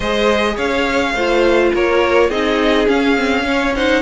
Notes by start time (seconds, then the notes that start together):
0.00 G#3 G#4 C5 D#5
0.55 C#4 C#5 F5
1.14 A3 F4 C5
1.74 A#3 A#4 C#5
2.29 C4 D#4 G#4 D#5
2.87 C#4 F5
3.17 C4
3.43 C#4 C#5
3.75 D#4 C5 F#5